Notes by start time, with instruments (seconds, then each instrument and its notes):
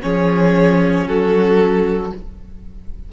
0.00 cello F3, viola C#4, violin G#4 C#5
1.07 cello F#3, violin F#4 A4